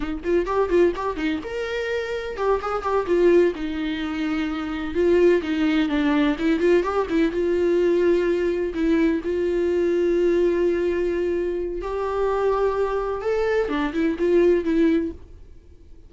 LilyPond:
\new Staff \with { instrumentName = "viola" } { \time 4/4 \tempo 4 = 127 dis'8 f'8 g'8 f'8 g'8 dis'8 ais'4~ | ais'4 g'8 gis'8 g'8 f'4 dis'8~ | dis'2~ dis'8 f'4 dis'8~ | dis'8 d'4 e'8 f'8 g'8 e'8 f'8~ |
f'2~ f'8 e'4 f'8~ | f'1~ | f'4 g'2. | a'4 d'8 e'8 f'4 e'4 | }